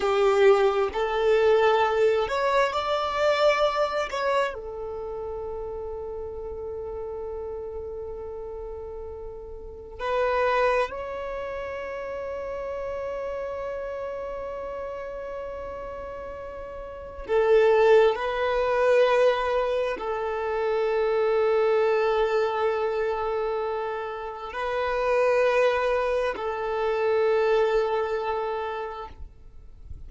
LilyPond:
\new Staff \with { instrumentName = "violin" } { \time 4/4 \tempo 4 = 66 g'4 a'4. cis''8 d''4~ | d''8 cis''8 a'2.~ | a'2. b'4 | cis''1~ |
cis''2. a'4 | b'2 a'2~ | a'2. b'4~ | b'4 a'2. | }